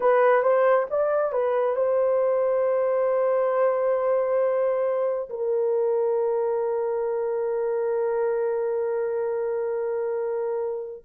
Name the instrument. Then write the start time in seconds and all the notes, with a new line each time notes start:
horn
0.00 B4
0.43 C5
0.90 D5
1.32 B4
1.76 C5
5.29 A#4